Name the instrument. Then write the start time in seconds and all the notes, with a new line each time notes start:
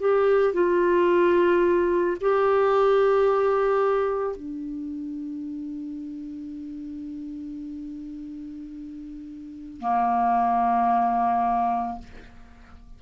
clarinet
0.00 G4
0.54 F4
2.21 G4
4.36 D4
9.80 A#3